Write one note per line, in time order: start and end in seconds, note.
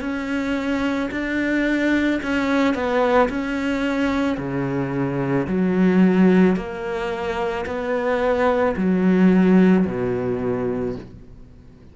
0.00 1.09 C#4
1.11 2.20 D4
2.22 2.74 C#4
2.74 3.28 B3
3.29 4.37 C#4
4.37 5.46 C#3
5.47 6.56 F#3
6.56 7.65 A#3
7.66 8.75 B3
8.77 9.86 F#3
9.86 10.95 B2